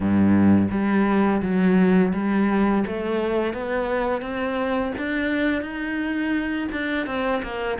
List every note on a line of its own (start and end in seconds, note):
0.00 0.68 G2
0.71 1.41 G3
1.41 2.12 F#3
2.13 2.84 G3
2.86 3.53 A3
3.53 4.21 B3
4.21 4.92 C4
4.98 5.61 D4
5.61 6.67 D#4
6.72 7.06 D4
7.06 7.41 C4
7.42 7.78 A#3